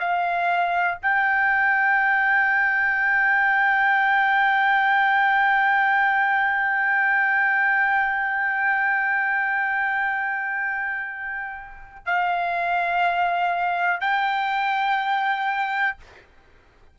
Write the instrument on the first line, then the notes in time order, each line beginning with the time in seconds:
trumpet
0.00 F5
1.02 G5
12.06 F5
14.01 G5